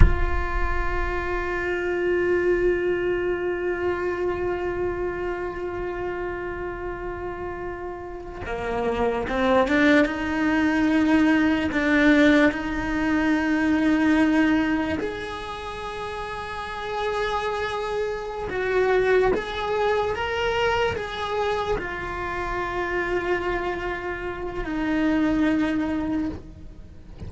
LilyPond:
\new Staff \with { instrumentName = "cello" } { \time 4/4 \tempo 4 = 73 f'1~ | f'1~ | f'2~ f'16 ais4 c'8 d'16~ | d'16 dis'2 d'4 dis'8.~ |
dis'2~ dis'16 gis'4.~ gis'16~ | gis'2~ gis'8 fis'4 gis'8~ | gis'8 ais'4 gis'4 f'4.~ | f'2 dis'2 | }